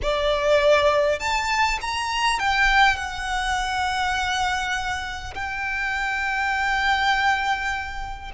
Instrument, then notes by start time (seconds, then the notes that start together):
violin
0.02 D5
1.19 A5
1.81 A#5
2.39 G5
2.96 F#5
5.34 G5